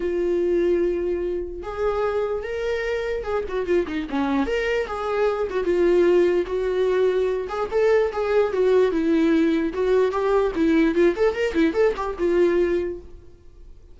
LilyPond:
\new Staff \with { instrumentName = "viola" } { \time 4/4 \tempo 4 = 148 f'1 | gis'2 ais'2 | gis'8 fis'8 f'8 dis'8 cis'4 ais'4 | gis'4. fis'8 f'2 |
fis'2~ fis'8 gis'8 a'4 | gis'4 fis'4 e'2 | fis'4 g'4 e'4 f'8 a'8 | ais'8 e'8 a'8 g'8 f'2 | }